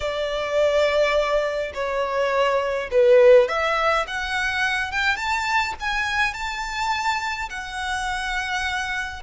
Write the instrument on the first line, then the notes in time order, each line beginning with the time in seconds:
violin
0.00 D5
1.74 C#5
2.91 B4
3.48 E5
4.07 F#5
4.91 G5
5.16 A5
5.80 G#5
6.33 A5
7.49 F#5